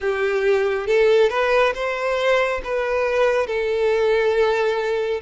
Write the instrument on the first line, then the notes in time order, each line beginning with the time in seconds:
violin
0.00 G4
0.86 A4
1.29 B4
1.74 C5
2.64 B4
3.46 A4